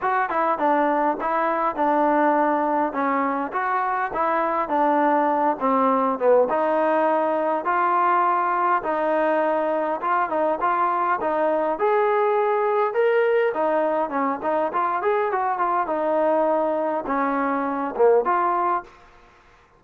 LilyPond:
\new Staff \with { instrumentName = "trombone" } { \time 4/4 \tempo 4 = 102 fis'8 e'8 d'4 e'4 d'4~ | d'4 cis'4 fis'4 e'4 | d'4. c'4 b8 dis'4~ | dis'4 f'2 dis'4~ |
dis'4 f'8 dis'8 f'4 dis'4 | gis'2 ais'4 dis'4 | cis'8 dis'8 f'8 gis'8 fis'8 f'8 dis'4~ | dis'4 cis'4. ais8 f'4 | }